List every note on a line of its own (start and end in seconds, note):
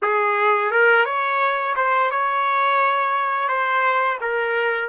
0.02 0.71 G#4
0.71 1.05 A#4
1.05 1.74 C#5
1.75 2.10 C5
2.11 3.48 C#5
3.48 4.18 C5
4.20 4.88 A#4